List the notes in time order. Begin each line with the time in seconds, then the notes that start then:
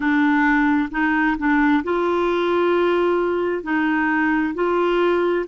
0.00 D4
0.91 D#4
1.38 D4
1.83 F4
3.63 D#4
4.54 F4